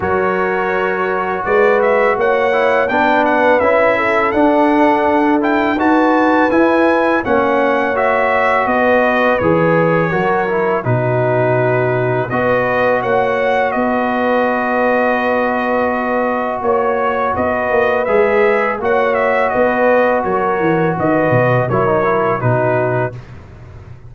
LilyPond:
<<
  \new Staff \with { instrumentName = "trumpet" } { \time 4/4 \tempo 4 = 83 cis''2 d''8 e''8 fis''4 | g''8 fis''8 e''4 fis''4. g''8 | a''4 gis''4 fis''4 e''4 | dis''4 cis''2 b'4~ |
b'4 dis''4 fis''4 dis''4~ | dis''2. cis''4 | dis''4 e''4 fis''8 e''8 dis''4 | cis''4 dis''4 cis''4 b'4 | }
  \new Staff \with { instrumentName = "horn" } { \time 4/4 ais'2 b'4 cis''4 | b'4. a'2~ a'8 | b'2 cis''2 | b'2 ais'4 fis'4~ |
fis'4 b'4 cis''4 b'4~ | b'2. cis''4 | b'2 cis''4 b'4 | ais'4 b'4 ais'4 fis'4 | }
  \new Staff \with { instrumentName = "trombone" } { \time 4/4 fis'2.~ fis'8 e'8 | d'4 e'4 d'4. e'8 | fis'4 e'4 cis'4 fis'4~ | fis'4 gis'4 fis'8 e'8 dis'4~ |
dis'4 fis'2.~ | fis'1~ | fis'4 gis'4 fis'2~ | fis'2 e'16 dis'16 e'8 dis'4 | }
  \new Staff \with { instrumentName = "tuba" } { \time 4/4 fis2 gis4 ais4 | b4 cis'4 d'2 | dis'4 e'4 ais2 | b4 e4 fis4 b,4~ |
b,4 b4 ais4 b4~ | b2. ais4 | b8 ais8 gis4 ais4 b4 | fis8 e8 dis8 b,8 fis4 b,4 | }
>>